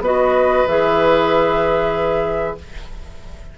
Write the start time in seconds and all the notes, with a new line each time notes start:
0.00 B3 F#4 B4 D#5
0.67 E3 G#4 E5